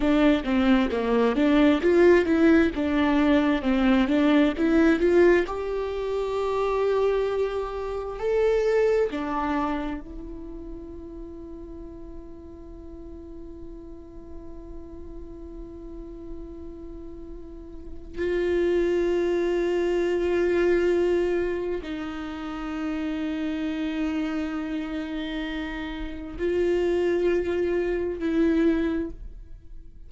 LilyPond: \new Staff \with { instrumentName = "viola" } { \time 4/4 \tempo 4 = 66 d'8 c'8 ais8 d'8 f'8 e'8 d'4 | c'8 d'8 e'8 f'8 g'2~ | g'4 a'4 d'4 e'4~ | e'1~ |
e'1 | f'1 | dis'1~ | dis'4 f'2 e'4 | }